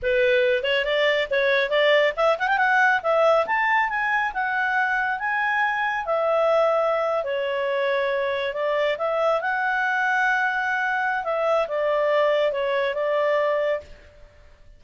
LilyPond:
\new Staff \with { instrumentName = "clarinet" } { \time 4/4 \tempo 4 = 139 b'4. cis''8 d''4 cis''4 | d''4 e''8 fis''16 g''16 fis''4 e''4 | a''4 gis''4 fis''2 | gis''2 e''2~ |
e''8. cis''2. d''16~ | d''8. e''4 fis''2~ fis''16~ | fis''2 e''4 d''4~ | d''4 cis''4 d''2 | }